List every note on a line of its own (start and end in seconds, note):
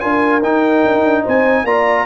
0.00 0.43 D4
0.00 0.41 F4
0.00 1.23 A#4
0.00 0.41 G#5
0.43 0.83 D#4
0.43 1.66 D#4
0.43 1.25 G5
0.84 0.94 D4
0.94 1.04 D#4
1.04 1.25 D4
1.23 1.64 C4
1.23 1.64 C5
1.23 1.66 G#5
1.64 2.05 A#3
1.64 2.06 F4
1.64 2.06 D5
1.64 2.06 A#5